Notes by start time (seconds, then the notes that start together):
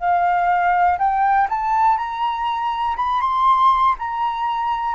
0.00 F5
0.99 G5
1.50 A5
1.98 A#5
2.97 B5
3.21 C6
3.99 A#5